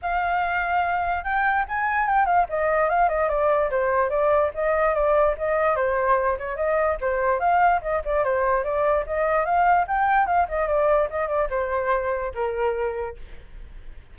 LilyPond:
\new Staff \with { instrumentName = "flute" } { \time 4/4 \tempo 4 = 146 f''2. g''4 | gis''4 g''8 f''8 dis''4 f''8 dis''8 | d''4 c''4 d''4 dis''4 | d''4 dis''4 c''4. cis''8 |
dis''4 c''4 f''4 dis''8 d''8 | c''4 d''4 dis''4 f''4 | g''4 f''8 dis''8 d''4 dis''8 d''8 | c''2 ais'2 | }